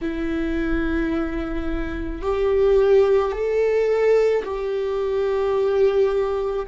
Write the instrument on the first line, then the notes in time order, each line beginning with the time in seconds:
viola
0.01 E4
2.22 G4
3.32 A4
4.44 G4